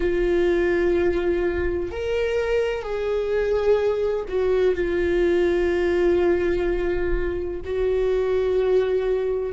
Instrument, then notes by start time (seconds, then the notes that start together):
viola
0.00 F4
1.91 A#4
2.82 G#4
4.28 F#4
4.74 F4
7.65 F#4